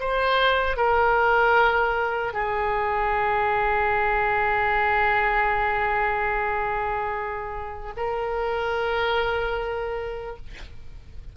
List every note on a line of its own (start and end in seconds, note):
0.00 0.77 C5
0.77 2.33 A#4
2.33 7.93 G#4
7.97 10.37 A#4